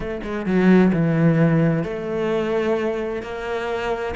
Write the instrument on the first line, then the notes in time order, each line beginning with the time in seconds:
cello
0.00 A3
0.23 G#3
0.46 F#3
0.93 E3
1.83 A3
3.22 A#3